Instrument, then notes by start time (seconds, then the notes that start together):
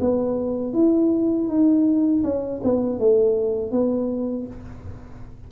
tuba
0.00 B3
0.73 E4
1.48 D#4
2.23 C#4
2.63 B3
2.99 A3
3.71 B3